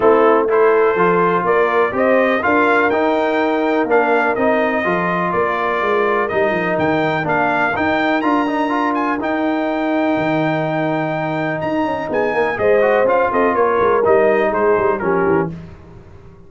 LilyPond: <<
  \new Staff \with { instrumentName = "trumpet" } { \time 4/4 \tempo 4 = 124 a'4 c''2 d''4 | dis''4 f''4 g''2 | f''4 dis''2 d''4~ | d''4 dis''4 g''4 f''4 |
g''4 ais''4. gis''8 g''4~ | g''1 | ais''4 gis''4 dis''4 f''8 dis''8 | cis''4 dis''4 c''4 ais'4 | }
  \new Staff \with { instrumentName = "horn" } { \time 4/4 e'4 a'2 ais'4 | c''4 ais'2.~ | ais'2 a'4 ais'4~ | ais'1~ |
ais'1~ | ais'1~ | ais'4 gis'8 ais'8 c''4. a'8 | ais'2 gis'4 g'4 | }
  \new Staff \with { instrumentName = "trombone" } { \time 4/4 c'4 e'4 f'2 | g'4 f'4 dis'2 | d'4 dis'4 f'2~ | f'4 dis'2 d'4 |
dis'4 f'8 dis'8 f'4 dis'4~ | dis'1~ | dis'2 gis'8 fis'8 f'4~ | f'4 dis'2 cis'4 | }
  \new Staff \with { instrumentName = "tuba" } { \time 4/4 a2 f4 ais4 | c'4 d'4 dis'2 | ais4 c'4 f4 ais4 | gis4 g8 f8 dis4 ais4 |
dis'4 d'2 dis'4~ | dis'4 dis2. | dis'8 cis'8 b8 ais8 gis4 cis'8 c'8 | ais8 gis8 g4 gis8 g8 f8 e8 | }
>>